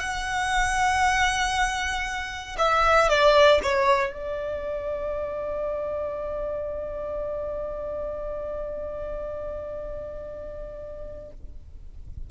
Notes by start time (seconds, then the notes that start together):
0.00 F#5
2.58 E5
3.09 D5
3.62 C#5
4.13 D5